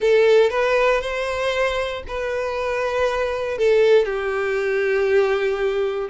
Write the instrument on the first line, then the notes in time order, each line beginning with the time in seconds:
violin
0.00 A4
0.50 B4
1.01 C5
2.07 B4
3.57 A4
4.05 G4